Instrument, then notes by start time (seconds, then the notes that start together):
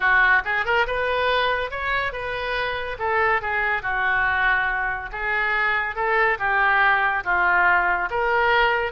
oboe
0.00 F#4
0.45 G#4
0.65 A#4
0.86 B4
1.71 C#5
2.12 B4
2.99 A4
3.41 G#4
3.82 F#4
5.12 G#4
5.95 A4
6.38 G4
7.24 F4
8.10 A#4